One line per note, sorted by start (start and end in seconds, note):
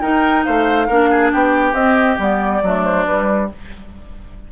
0.00 0.45 D#4
0.00 0.90 D#4
0.00 0.45 A#4
0.00 0.43 G5
0.44 0.89 A3
0.44 0.87 C5
0.44 1.31 F5
0.87 1.32 A#3
0.87 1.75 D4
0.87 1.09 A#4
1.10 1.32 G#4
1.32 1.73 B3
1.32 2.63 G4
1.32 1.74 G5
1.73 2.16 C4
1.73 2.18 C4
1.73 2.18 D#5
2.18 2.62 G3
2.18 2.62 B3
2.18 2.84 D5
2.62 3.06 F#3
2.62 3.06 A3
2.62 3.51 D4
2.84 3.05 C5
3.05 3.49 G3
3.05 3.52 G3
3.05 3.49 B4